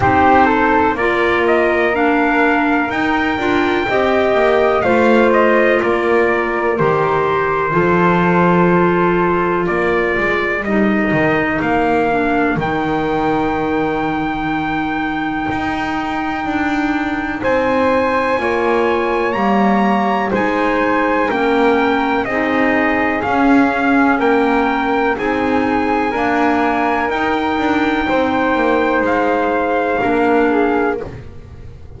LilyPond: <<
  \new Staff \with { instrumentName = "trumpet" } { \time 4/4 \tempo 4 = 62 c''4 d''8 dis''8 f''4 g''4~ | g''4 f''8 dis''8 d''4 c''4~ | c''2 d''4 dis''4 | f''4 g''2.~ |
g''2 gis''2 | ais''4 gis''4 g''4 dis''4 | f''4 g''4 gis''2 | g''2 f''2 | }
  \new Staff \with { instrumentName = "flute" } { \time 4/4 g'8 a'8 ais'2. | dis''4 c''4 ais'2 | a'2 ais'2~ | ais'1~ |
ais'2 c''4 cis''4~ | cis''4 c''4 ais'4 gis'4~ | gis'4 ais'4 gis'4 ais'4~ | ais'4 c''2 ais'8 gis'8 | }
  \new Staff \with { instrumentName = "clarinet" } { \time 4/4 dis'4 f'4 d'4 dis'8 f'8 | g'4 f'2 g'4 | f'2. dis'4~ | dis'8 d'8 dis'2.~ |
dis'2. f'4 | ais4 dis'4 cis'4 dis'4 | cis'2 dis'4 ais4 | dis'2. d'4 | }
  \new Staff \with { instrumentName = "double bass" } { \time 4/4 c'4 ais2 dis'8 d'8 | c'8 ais8 a4 ais4 dis4 | f2 ais8 gis8 g8 dis8 | ais4 dis2. |
dis'4 d'4 c'4 ais4 | g4 gis4 ais4 c'4 | cis'4 ais4 c'4 d'4 | dis'8 d'8 c'8 ais8 gis4 ais4 | }
>>